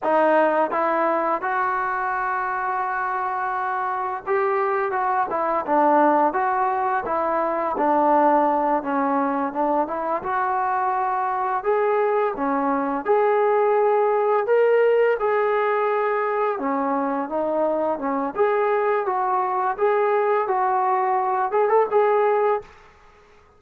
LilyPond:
\new Staff \with { instrumentName = "trombone" } { \time 4/4 \tempo 4 = 85 dis'4 e'4 fis'2~ | fis'2 g'4 fis'8 e'8 | d'4 fis'4 e'4 d'4~ | d'8 cis'4 d'8 e'8 fis'4.~ |
fis'8 gis'4 cis'4 gis'4.~ | gis'8 ais'4 gis'2 cis'8~ | cis'8 dis'4 cis'8 gis'4 fis'4 | gis'4 fis'4. gis'16 a'16 gis'4 | }